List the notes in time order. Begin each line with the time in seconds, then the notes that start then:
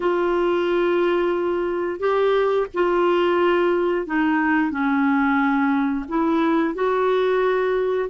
0.00 F4
1.99 G4
2.73 F4
4.06 D#4
4.70 C#4
6.08 E4
6.74 F#4